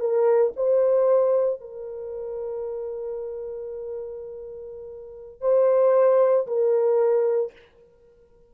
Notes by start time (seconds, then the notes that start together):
0.00 A#4
0.56 C5
1.61 A#4
5.41 C5
6.47 A#4